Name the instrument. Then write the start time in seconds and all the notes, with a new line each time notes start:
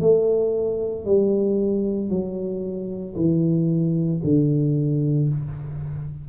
tuba
0.00 A3
1.05 G3
2.10 F#3
3.16 E3
4.23 D3